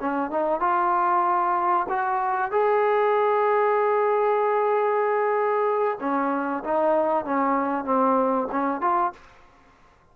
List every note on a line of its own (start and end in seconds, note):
0.00 0.30 C#4
0.30 0.60 D#4
0.60 1.87 F4
1.89 2.51 F#4
2.51 5.99 G#4
6.00 6.63 C#4
6.64 7.25 D#4
7.25 7.85 C#4
7.85 8.48 C4
8.51 8.81 C#4
8.81 9.13 F4